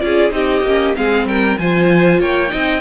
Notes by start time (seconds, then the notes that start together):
0.00 C#4 F4 G#4 D5
0.31 C4 D#4 G4 D#5
0.62 A#3 C#4
0.96 G#3 C4 G#4 F5
1.25 G3 A#4 G5
1.58 F3 F4 C5 G#5
2.20 A#3 C#5 G5
2.49 C4 D#4 D#5